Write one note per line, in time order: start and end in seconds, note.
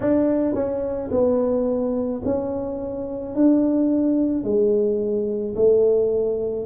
0.00 0.54 D4
0.54 1.10 C#4
1.11 2.22 B3
2.24 3.35 C#4
3.35 4.43 D4
4.43 5.55 G#3
5.55 6.66 A3